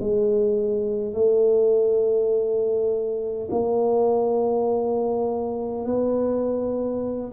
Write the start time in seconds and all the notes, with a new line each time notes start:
0.00 G#3
1.14 A3
3.51 A#3
5.86 B3